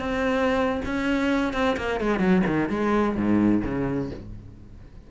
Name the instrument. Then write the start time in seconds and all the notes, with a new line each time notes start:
cello
0.00 C4
0.86 C#4
1.53 C4
1.77 A#3
2.01 G#3
2.20 F#3
2.47 D#3
2.70 G#3
3.16 G#2
3.64 C#3